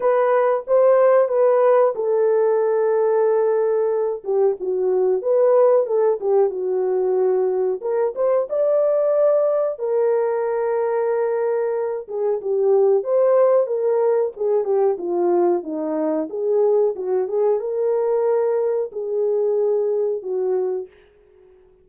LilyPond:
\new Staff \with { instrumentName = "horn" } { \time 4/4 \tempo 4 = 92 b'4 c''4 b'4 a'4~ | a'2~ a'8 g'8 fis'4 | b'4 a'8 g'8 fis'2 | ais'8 c''8 d''2 ais'4~ |
ais'2~ ais'8 gis'8 g'4 | c''4 ais'4 gis'8 g'8 f'4 | dis'4 gis'4 fis'8 gis'8 ais'4~ | ais'4 gis'2 fis'4 | }